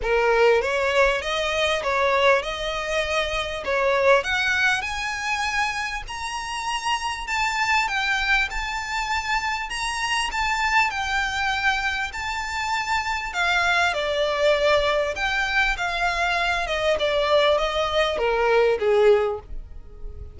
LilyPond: \new Staff \with { instrumentName = "violin" } { \time 4/4 \tempo 4 = 99 ais'4 cis''4 dis''4 cis''4 | dis''2 cis''4 fis''4 | gis''2 ais''2 | a''4 g''4 a''2 |
ais''4 a''4 g''2 | a''2 f''4 d''4~ | d''4 g''4 f''4. dis''8 | d''4 dis''4 ais'4 gis'4 | }